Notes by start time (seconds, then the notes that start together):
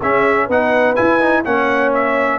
0.00 C#4 G#4 E5
0.46 B3 D#4 B4 F#5
0.96 E4 G#5
1.20 D#4
1.45 A#3 C#4 C#5 F#5
1.94 E5